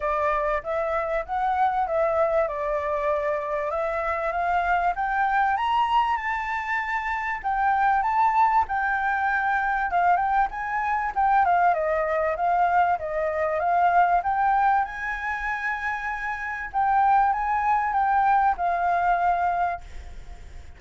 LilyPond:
\new Staff \with { instrumentName = "flute" } { \time 4/4 \tempo 4 = 97 d''4 e''4 fis''4 e''4 | d''2 e''4 f''4 | g''4 ais''4 a''2 | g''4 a''4 g''2 |
f''8 g''8 gis''4 g''8 f''8 dis''4 | f''4 dis''4 f''4 g''4 | gis''2. g''4 | gis''4 g''4 f''2 | }